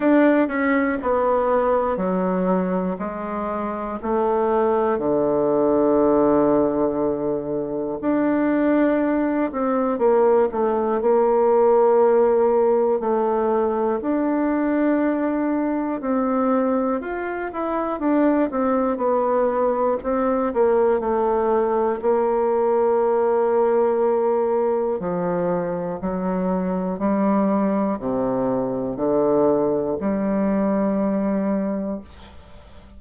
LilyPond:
\new Staff \with { instrumentName = "bassoon" } { \time 4/4 \tempo 4 = 60 d'8 cis'8 b4 fis4 gis4 | a4 d2. | d'4. c'8 ais8 a8 ais4~ | ais4 a4 d'2 |
c'4 f'8 e'8 d'8 c'8 b4 | c'8 ais8 a4 ais2~ | ais4 f4 fis4 g4 | c4 d4 g2 | }